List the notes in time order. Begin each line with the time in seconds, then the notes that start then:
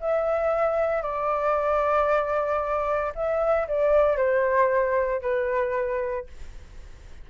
0.00 E5
1.02 D5
3.15 E5
3.68 D5
4.17 C5
5.22 B4